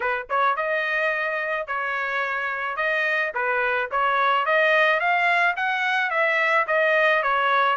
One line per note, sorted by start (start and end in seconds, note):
0.00 0.27 B4
0.29 0.56 C#5
0.56 1.67 D#5
1.67 2.76 C#5
2.76 3.32 D#5
3.34 3.90 B4
3.91 4.45 C#5
4.45 4.99 D#5
4.99 5.55 F5
5.56 6.10 F#5
6.10 6.66 E5
6.67 7.22 D#5
7.22 7.76 C#5